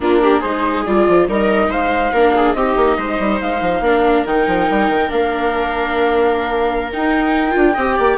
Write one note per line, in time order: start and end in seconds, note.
0.00 0.41 A#3
0.00 0.43 D4
0.00 0.22 F4
0.00 0.41 A#4
0.22 0.39 G4
0.39 0.86 G#3
0.39 0.86 D#4
0.39 1.24 G#4
0.39 0.83 C5
0.85 1.08 G3
0.85 1.28 F4
0.85 1.28 D5
1.08 1.28 F3
1.28 1.68 G3
1.28 2.13 D#4
1.28 1.70 A#4
1.28 1.71 D#5
1.68 2.10 G#3
1.68 2.12 C5
1.68 2.53 F5
2.12 2.54 A#3
2.12 2.56 D4
2.12 2.34 A#4
2.35 2.56 G#4
2.53 2.75 C4
2.53 3.83 D#4
2.53 2.97 G4
2.53 3.38 D#5
2.76 2.97 A#3
2.97 3.19 G#3
2.97 3.82 C5
3.19 3.40 G3
3.40 3.61 G#3
3.40 4.26 F5
3.61 3.80 F3
3.80 4.23 A#3
3.80 4.26 D4
3.80 7.74 A#4
4.25 4.46 D#3
4.25 5.09 D#4
4.25 5.10 G5
4.47 4.68 F3
4.69 4.89 G3
4.89 5.10 D#3
5.09 6.93 A#3
5.09 6.89 D4
5.09 6.91 F5
6.92 7.51 D#4
6.92 7.55 D#4
6.92 8.17 G5
7.51 7.76 D4
7.51 7.72 F4
7.74 7.97 C4
7.74 8.17 G4
7.74 7.95 D#5
7.96 8.17 A#3
7.96 8.17 D5